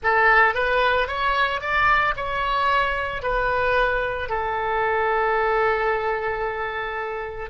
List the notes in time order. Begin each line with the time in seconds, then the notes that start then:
0.03 A4
0.54 B4
1.07 C#5
1.60 D5
2.16 C#5
3.22 B4
4.29 A4